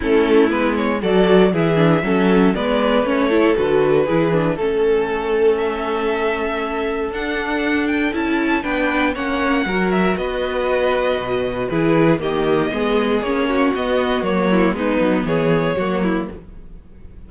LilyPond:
<<
  \new Staff \with { instrumentName = "violin" } { \time 4/4 \tempo 4 = 118 a'4 b'8 cis''8 d''4 e''4~ | e''4 d''4 cis''4 b'4~ | b'4 a'2 e''4~ | e''2 fis''4. g''8 |
a''4 g''4 fis''4. e''8 | dis''2. b'4 | dis''2 cis''4 dis''4 | cis''4 b'4 cis''2 | }
  \new Staff \with { instrumentName = "violin" } { \time 4/4 e'2 a'4 gis'4 | a'4 b'4. a'4. | gis'4 a'2.~ | a'1~ |
a'4 b'4 cis''4 ais'4 | b'2. gis'4 | g'4 gis'4. fis'4.~ | fis'8 e'8 dis'4 gis'4 fis'8 e'8 | }
  \new Staff \with { instrumentName = "viola" } { \time 4/4 cis'4 b4 fis'4 e'8 d'8 | cis'4 b4 cis'8 e'8 fis'4 | e'8 d'8 cis'2.~ | cis'2 d'2 |
e'4 d'4 cis'4 fis'4~ | fis'2. e'4 | ais4 b4 cis'4 b4 | ais4 b2 ais4 | }
  \new Staff \with { instrumentName = "cello" } { \time 4/4 a4 gis4 fis4 e4 | fis4 gis4 a4 d4 | e4 a2.~ | a2 d'2 |
cis'4 b4 ais4 fis4 | b2 b,4 e4 | dis4 gis4 ais4 b4 | fis4 gis8 fis8 e4 fis4 | }
>>